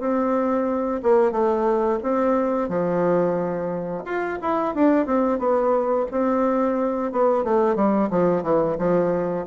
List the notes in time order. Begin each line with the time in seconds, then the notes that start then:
0.00 C4
1.03 A#3
1.31 A3
2.03 C4
2.69 F3
4.05 F4
4.41 E4
4.75 D4
5.06 C4
5.38 B3
6.11 C4
7.12 B3
7.44 A3
7.76 G3
8.10 F3
8.43 E3
8.78 F3